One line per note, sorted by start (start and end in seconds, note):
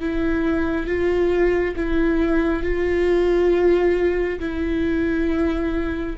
0.00 0.87 E4
0.87 1.75 F4
1.76 2.63 E4
2.63 4.40 F4
4.40 6.16 E4